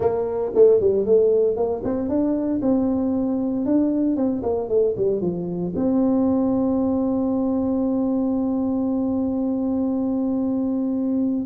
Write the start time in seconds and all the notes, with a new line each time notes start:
0.00 A#3
0.55 A3
0.80 G3
1.05 A3
1.56 A#3
1.84 C4
2.08 D4
2.61 C4
3.65 D4
4.16 C4
4.43 A#3
4.68 A3
4.96 G3
5.21 F3
5.75 C4